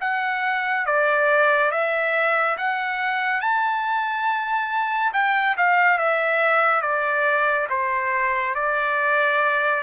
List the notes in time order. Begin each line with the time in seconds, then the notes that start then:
0.00 F#5
0.86 D5
1.71 E5
2.58 F#5
3.41 A5
5.13 G5
5.57 F5
5.98 E5
6.81 D5
7.69 C5
8.55 D5